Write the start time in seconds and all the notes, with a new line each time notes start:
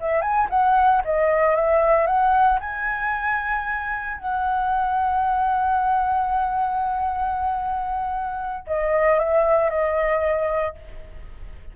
0.00 E5
0.21 G#5
0.50 F#5
1.04 D#5
1.55 E5
2.06 F#5
2.60 G#5
4.17 F#5
8.67 D#5
9.19 E5
9.70 D#5